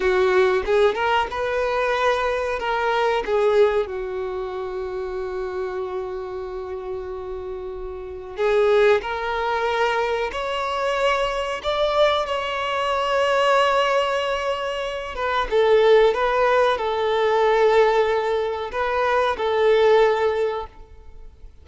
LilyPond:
\new Staff \with { instrumentName = "violin" } { \time 4/4 \tempo 4 = 93 fis'4 gis'8 ais'8 b'2 | ais'4 gis'4 fis'2~ | fis'1~ | fis'4 gis'4 ais'2 |
cis''2 d''4 cis''4~ | cis''2.~ cis''8 b'8 | a'4 b'4 a'2~ | a'4 b'4 a'2 | }